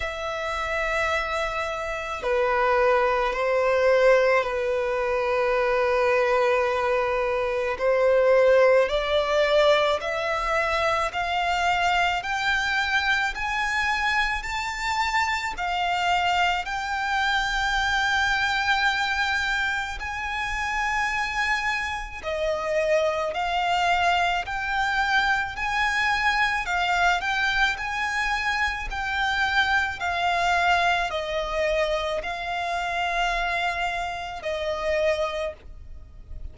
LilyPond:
\new Staff \with { instrumentName = "violin" } { \time 4/4 \tempo 4 = 54 e''2 b'4 c''4 | b'2. c''4 | d''4 e''4 f''4 g''4 | gis''4 a''4 f''4 g''4~ |
g''2 gis''2 | dis''4 f''4 g''4 gis''4 | f''8 g''8 gis''4 g''4 f''4 | dis''4 f''2 dis''4 | }